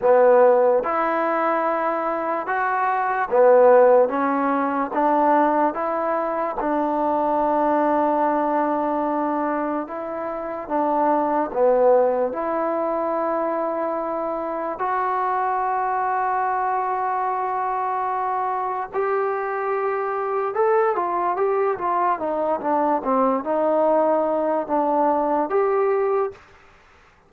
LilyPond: \new Staff \with { instrumentName = "trombone" } { \time 4/4 \tempo 4 = 73 b4 e'2 fis'4 | b4 cis'4 d'4 e'4 | d'1 | e'4 d'4 b4 e'4~ |
e'2 fis'2~ | fis'2. g'4~ | g'4 a'8 f'8 g'8 f'8 dis'8 d'8 | c'8 dis'4. d'4 g'4 | }